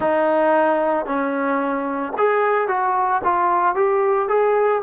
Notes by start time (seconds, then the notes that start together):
0.00 D#4
1.05 C#4
2.17 G#4
2.68 F#4
3.23 F4
3.75 G4
4.28 G#4